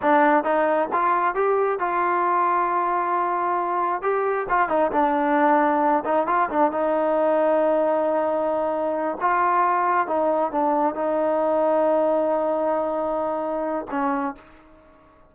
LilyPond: \new Staff \with { instrumentName = "trombone" } { \time 4/4 \tempo 4 = 134 d'4 dis'4 f'4 g'4 | f'1~ | f'4 g'4 f'8 dis'8 d'4~ | d'4. dis'8 f'8 d'8 dis'4~ |
dis'1~ | dis'8 f'2 dis'4 d'8~ | d'8 dis'2.~ dis'8~ | dis'2. cis'4 | }